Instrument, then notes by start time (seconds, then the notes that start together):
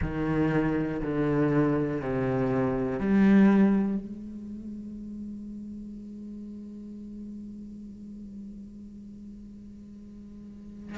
cello
0.01 D#3
1.02 D3
2.01 C3
3.00 G3
3.98 G#3